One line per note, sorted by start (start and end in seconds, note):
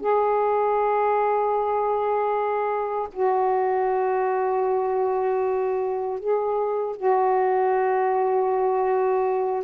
0.00 3.08 G#4
3.13 6.20 F#4
6.20 6.96 G#4
6.96 9.64 F#4